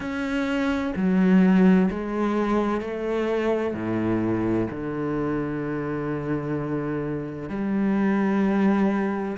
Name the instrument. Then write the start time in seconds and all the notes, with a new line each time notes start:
cello
0.00 C#4
0.95 F#3
1.90 G#3
2.80 A3
3.74 A2
4.70 D3
7.49 G3